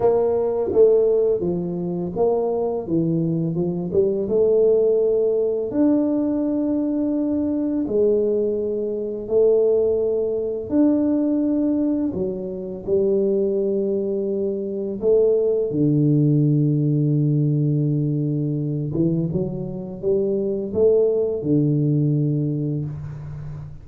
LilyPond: \new Staff \with { instrumentName = "tuba" } { \time 4/4 \tempo 4 = 84 ais4 a4 f4 ais4 | e4 f8 g8 a2 | d'2. gis4~ | gis4 a2 d'4~ |
d'4 fis4 g2~ | g4 a4 d2~ | d2~ d8 e8 fis4 | g4 a4 d2 | }